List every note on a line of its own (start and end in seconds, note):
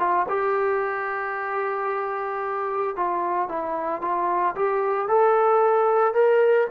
0.00 0.27 F4
0.29 2.97 G4
2.97 3.49 F4
3.49 4.02 E4
4.02 4.55 F4
4.56 5.08 G4
5.08 6.14 A4
6.14 6.68 A#4